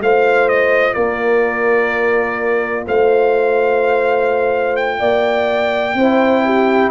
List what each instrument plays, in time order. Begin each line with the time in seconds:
0.00 tuba A3, trombone F4, horn C5, trumpet F5
0.48 trumpet D#5
0.94 tuba A#3, horn A#4, trumpet D5
2.87 tuba A3, horn C5, trumpet F5
4.76 trumpet G5
4.99 tuba A#3, horn D5
5.94 tuba C4, trombone E4, horn C5
6.45 horn G4